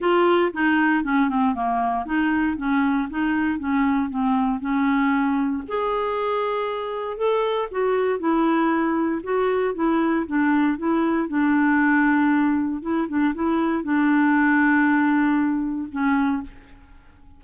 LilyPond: \new Staff \with { instrumentName = "clarinet" } { \time 4/4 \tempo 4 = 117 f'4 dis'4 cis'8 c'8 ais4 | dis'4 cis'4 dis'4 cis'4 | c'4 cis'2 gis'4~ | gis'2 a'4 fis'4 |
e'2 fis'4 e'4 | d'4 e'4 d'2~ | d'4 e'8 d'8 e'4 d'4~ | d'2. cis'4 | }